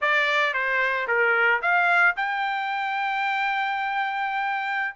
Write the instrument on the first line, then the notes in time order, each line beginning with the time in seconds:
trumpet
0.01 D5
0.53 C5
1.07 A#4
1.62 F5
2.16 G5